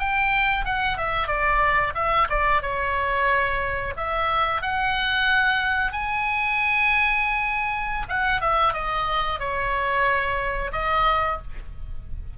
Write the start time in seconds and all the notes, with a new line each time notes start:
0.00 G5
0.65 F#5
0.98 E5
1.28 D5
1.95 E5
2.30 D5
2.62 C#5
3.97 E5
4.62 F#5
5.93 G#5
8.09 F#5
8.41 E5
8.74 D#5
9.40 C#5
10.72 D#5